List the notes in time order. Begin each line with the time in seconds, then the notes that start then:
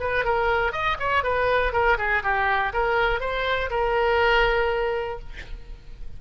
0.00 B4
0.25 A#4
0.73 D#5
1.00 C#5
1.24 B4
1.73 A#4
1.98 G#4
2.23 G4
2.74 A#4
3.21 C5
3.71 A#4